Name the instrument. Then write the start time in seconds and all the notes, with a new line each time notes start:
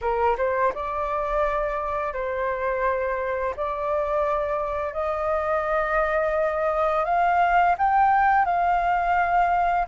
flute
0.01 A#4
0.37 C5
0.74 D5
2.13 C5
3.56 D5
4.93 D#5
7.05 F5
7.77 G5
8.45 F5